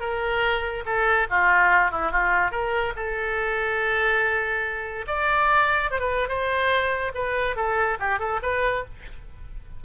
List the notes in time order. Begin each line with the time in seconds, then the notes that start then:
0.00 A#4
0.85 A4
1.30 F4
1.91 E4
2.11 F4
2.51 A#4
2.96 A4
5.07 D5
5.90 C5
5.99 B4
6.28 C5
7.14 B4
7.56 A4
7.99 G4
8.19 A4
8.42 B4